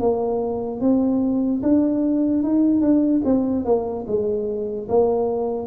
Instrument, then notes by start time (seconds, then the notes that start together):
tuba
0.00 A#3
0.81 C4
1.63 D4
2.44 D#4
2.82 D4
3.25 C4
3.65 A#3
4.07 G#3
4.89 A#3